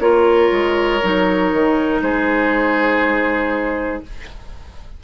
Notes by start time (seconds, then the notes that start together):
0.00 A#3 F4 A#4 C#5
0.52 G#3
1.03 F#3 D#4
1.53 D#3
2.02 G#3 G#4 C5